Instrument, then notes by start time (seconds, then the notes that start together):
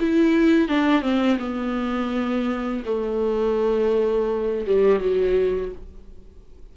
viola
0.00 E4
0.68 D4
1.02 C4
1.39 B3
2.85 A3
4.67 G3
4.99 F#3